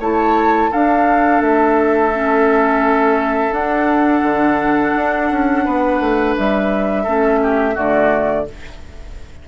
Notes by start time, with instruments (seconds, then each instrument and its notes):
0.00 bassoon A3, clarinet E4, oboe C#5, flute A5
0.71 clarinet D4, bassoon D4, oboe A4, flute F5
1.41 bassoon A3, flute E5
2.13 clarinet C#4
3.52 bassoon D4, clarinet D4, flute F#5
4.23 bassoon D3
4.96 bassoon D4
5.31 bassoon C#4
5.65 bassoon B3, oboe B4
6.01 bassoon A3
6.37 bassoon G3, flute E5
7.04 bassoon A3, clarinet C#4, oboe A4
7.43 oboe G4
7.75 bassoon D3, clarinet A3, oboe F#4, flute D5